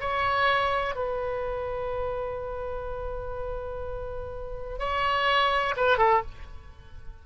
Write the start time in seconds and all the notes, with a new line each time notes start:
0.00 C#5
0.96 B4
4.79 C#5
5.76 B4
5.98 A4